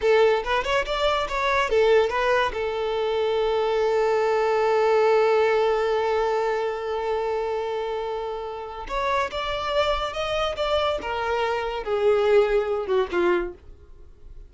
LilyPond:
\new Staff \with { instrumentName = "violin" } { \time 4/4 \tempo 4 = 142 a'4 b'8 cis''8 d''4 cis''4 | a'4 b'4 a'2~ | a'1~ | a'1~ |
a'1~ | a'4 cis''4 d''2 | dis''4 d''4 ais'2 | gis'2~ gis'8 fis'8 f'4 | }